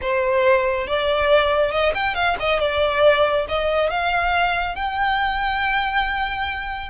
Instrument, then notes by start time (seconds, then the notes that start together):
violin
0.01 C5
0.87 D5
1.71 D#5
1.94 G5
2.15 F5
2.39 D#5
2.59 D5
3.48 D#5
3.90 F5
4.75 G5